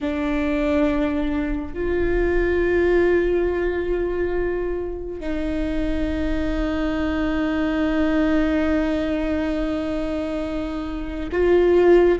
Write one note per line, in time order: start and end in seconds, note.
0.00 1.74 D4
1.74 5.20 F4
5.20 11.29 D#4
11.32 12.19 F4